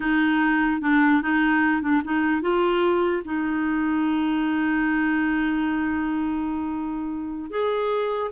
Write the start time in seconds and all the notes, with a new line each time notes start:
0.00 D#4
0.81 D4
1.22 D#4
1.82 D4
2.04 D#4
2.41 F4
3.25 D#4
7.50 G#4